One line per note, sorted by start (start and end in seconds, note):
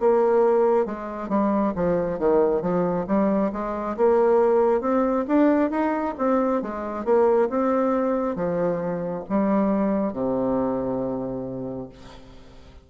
0.00 0.86 A#3
0.86 1.29 G#3
1.29 1.73 G3
1.75 2.19 F3
2.19 2.61 D#3
2.61 3.06 F3
3.07 3.51 G3
3.53 3.97 G#3
3.97 4.81 A#3
4.81 5.25 C4
5.28 5.70 D4
5.70 6.14 D#4
6.18 6.62 C4
6.62 7.05 G#3
7.05 7.49 A#3
7.49 8.35 C4
8.35 9.24 F3
9.29 10.13 G3
10.13 11.89 C3